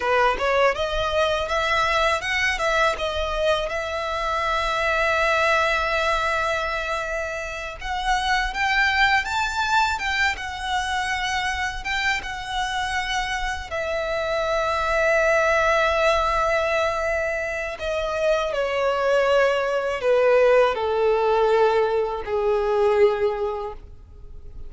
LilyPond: \new Staff \with { instrumentName = "violin" } { \time 4/4 \tempo 4 = 81 b'8 cis''8 dis''4 e''4 fis''8 e''8 | dis''4 e''2.~ | e''2~ e''8 fis''4 g''8~ | g''8 a''4 g''8 fis''2 |
g''8 fis''2 e''4.~ | e''1 | dis''4 cis''2 b'4 | a'2 gis'2 | }